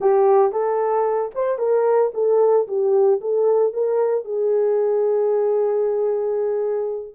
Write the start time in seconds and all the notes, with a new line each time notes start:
0.00 G4
0.52 A4
1.34 C5
1.58 A#4
2.14 A4
2.67 G4
3.20 A4
3.73 A#4
4.25 G#4